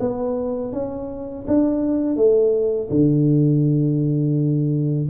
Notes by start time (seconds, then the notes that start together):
0.00 B3
0.73 C#4
1.48 D4
2.17 A3
2.90 D3